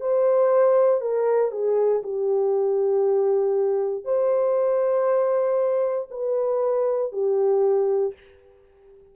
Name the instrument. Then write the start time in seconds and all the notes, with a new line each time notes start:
horn
0.00 C5
1.01 A#4
1.51 G#4
2.03 G4
4.04 C5
6.11 B4
7.12 G4